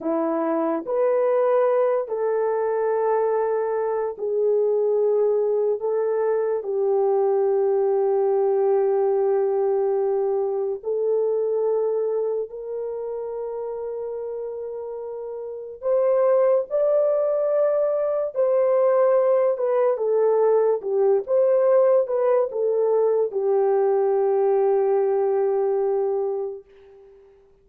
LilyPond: \new Staff \with { instrumentName = "horn" } { \time 4/4 \tempo 4 = 72 e'4 b'4. a'4.~ | a'4 gis'2 a'4 | g'1~ | g'4 a'2 ais'4~ |
ais'2. c''4 | d''2 c''4. b'8 | a'4 g'8 c''4 b'8 a'4 | g'1 | }